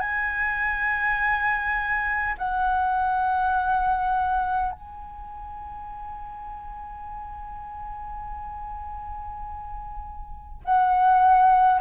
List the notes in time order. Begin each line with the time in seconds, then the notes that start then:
0.00 G#5
2.39 F#5
4.72 G#5
10.65 F#5